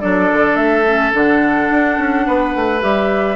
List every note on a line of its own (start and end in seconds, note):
0.00 0.32 F#3
0.00 0.85 D4
0.00 2.26 A4
0.00 0.56 D5
0.33 0.56 D3
0.56 1.12 A3
0.56 1.12 E5
0.87 1.13 C#4
1.13 1.70 D3
1.13 2.81 D4
1.13 2.82 F#5
1.71 1.98 D4
1.98 2.26 C#4
2.27 2.55 B3
2.27 3.36 B4
2.55 2.83 A3
2.81 3.36 G3
2.81 3.36 G4
2.81 3.36 E5